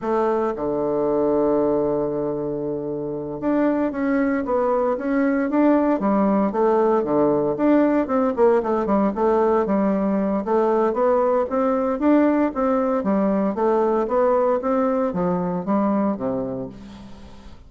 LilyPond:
\new Staff \with { instrumentName = "bassoon" } { \time 4/4 \tempo 4 = 115 a4 d2.~ | d2~ d8 d'4 cis'8~ | cis'8 b4 cis'4 d'4 g8~ | g8 a4 d4 d'4 c'8 |
ais8 a8 g8 a4 g4. | a4 b4 c'4 d'4 | c'4 g4 a4 b4 | c'4 f4 g4 c4 | }